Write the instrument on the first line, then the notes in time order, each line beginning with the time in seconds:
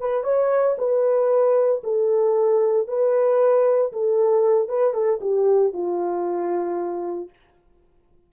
horn
0.00 B4
0.24 C#5
0.78 B4
1.84 A4
2.88 B4
3.93 A4
4.69 B4
4.94 A4
5.21 G4
5.73 F4